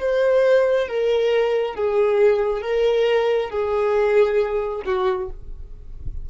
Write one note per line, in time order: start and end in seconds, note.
0.00 0.88 C5
0.88 1.75 A#4
1.75 2.62 G#4
2.62 3.50 A#4
3.51 4.83 G#4
4.86 5.30 F#4